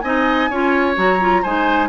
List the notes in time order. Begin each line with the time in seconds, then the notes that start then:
0.00 C4 D#4 D#5 G#5
0.49 C#4 F4 C#5
0.96 F#3 F#4 A#5
1.20 F4
1.42 G#3 D#4 C5 G#5